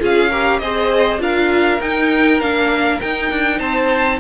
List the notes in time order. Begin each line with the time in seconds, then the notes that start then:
0.00 C#4 F4 G#4 F5
0.30 G4 A#4
0.59 C4 G#4 C5 D#5
1.19 D4 F4 A#4 F5
1.81 D#4 G5
2.41 A#3 D4 F5
3.01 D#4 G5
3.31 D4
3.59 C4 C5 A5